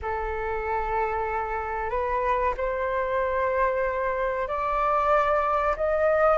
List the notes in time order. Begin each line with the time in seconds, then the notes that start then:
0.02 A4
1.90 B4
2.57 C5
4.48 D5
5.76 D#5